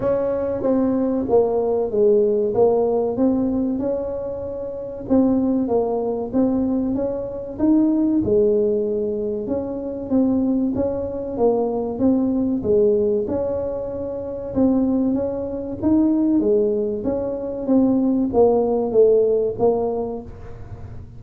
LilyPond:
\new Staff \with { instrumentName = "tuba" } { \time 4/4 \tempo 4 = 95 cis'4 c'4 ais4 gis4 | ais4 c'4 cis'2 | c'4 ais4 c'4 cis'4 | dis'4 gis2 cis'4 |
c'4 cis'4 ais4 c'4 | gis4 cis'2 c'4 | cis'4 dis'4 gis4 cis'4 | c'4 ais4 a4 ais4 | }